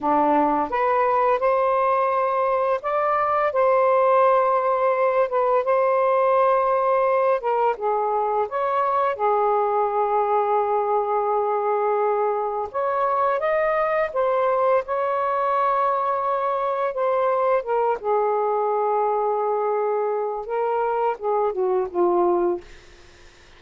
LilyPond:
\new Staff \with { instrumentName = "saxophone" } { \time 4/4 \tempo 4 = 85 d'4 b'4 c''2 | d''4 c''2~ c''8 b'8 | c''2~ c''8 ais'8 gis'4 | cis''4 gis'2.~ |
gis'2 cis''4 dis''4 | c''4 cis''2. | c''4 ais'8 gis'2~ gis'8~ | gis'4 ais'4 gis'8 fis'8 f'4 | }